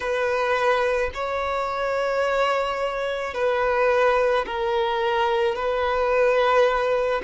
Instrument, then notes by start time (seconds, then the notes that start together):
violin
0.00 B4
1.14 C#5
3.33 B4
4.45 A#4
5.55 B4